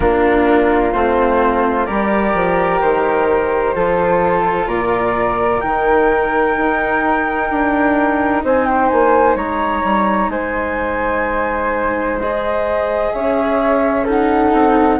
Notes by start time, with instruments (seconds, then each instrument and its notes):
0.00 bassoon A#3, cello D4, flute F4 A#4
0.92 bassoon A3, cello C4, flute C5
1.86 bassoon G3, cello G4, flute A#4 D5
2.34 bassoon F3
2.80 bassoon D#3, flute C5
3.75 bassoon F3, cello F4, flute A4
4.66 bassoon A#2, flute A#4 D5
5.61 bassoon D#3, cello D#4, flute G5
6.56 bassoon D#4
7.49 bassoon D4
8.43 bassoon C4, flute C5 G#5
8.65 flute G5
8.88 bassoon A#3, flute G#5
9.35 bassoon G#3, flute C#5 A#5
9.84 bassoon G3
10.28 bassoon G#3, flute C5 G#5
12.19 cello G#4, flute D#5
13.12 bassoon C#4, flute C#5 E5
14.04 cello D#4, flute A4 F#5
14.53 bassoon C4